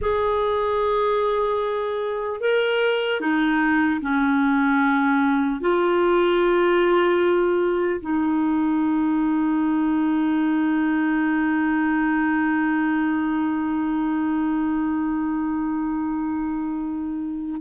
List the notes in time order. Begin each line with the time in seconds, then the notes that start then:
0.01 G#4
2.40 A#4
3.20 D#4
4.01 C#4
5.60 F4
8.00 D#4